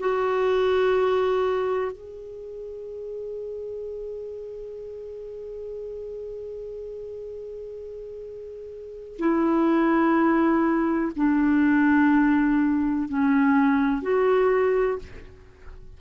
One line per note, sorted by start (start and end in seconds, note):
0.00 1.92 F#4
1.92 9.18 G#4
9.19 11.12 E4
11.16 13.09 D4
13.09 14.02 C#4
14.02 14.99 F#4